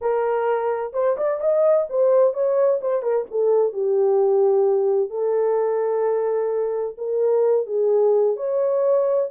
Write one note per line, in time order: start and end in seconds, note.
0.01 0.93 A#4
0.93 1.16 C5
1.17 1.40 D5
1.40 1.86 D#5
1.89 2.33 C5
2.33 2.79 C#5
2.81 3.02 C5
3.02 3.25 A#4
3.30 3.72 A4
3.72 5.10 G4
5.10 6.96 A4
6.97 7.66 A#4
7.66 8.36 G#4
8.36 9.29 C#5